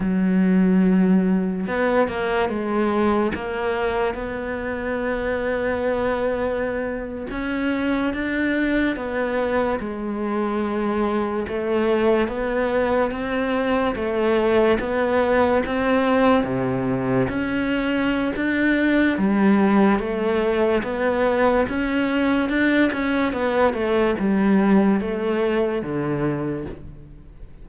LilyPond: \new Staff \with { instrumentName = "cello" } { \time 4/4 \tempo 4 = 72 fis2 b8 ais8 gis4 | ais4 b2.~ | b8. cis'4 d'4 b4 gis16~ | gis4.~ gis16 a4 b4 c'16~ |
c'8. a4 b4 c'4 c16~ | c8. cis'4~ cis'16 d'4 g4 | a4 b4 cis'4 d'8 cis'8 | b8 a8 g4 a4 d4 | }